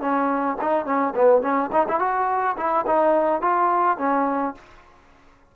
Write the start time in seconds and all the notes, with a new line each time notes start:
0.00 C#4
0.61 D#4
0.85 C#4
1.15 B3
1.42 C#4
1.72 D#4
1.88 E4
1.99 F#4
2.57 E4
2.86 D#4
3.41 F4
3.98 C#4